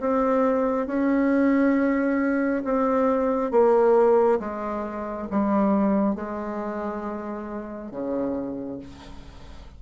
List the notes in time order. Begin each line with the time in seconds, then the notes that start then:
0.00 C4
0.87 C#4
2.64 C4
3.51 A#3
4.40 G#3
5.31 G3
6.15 G#3
7.91 C#3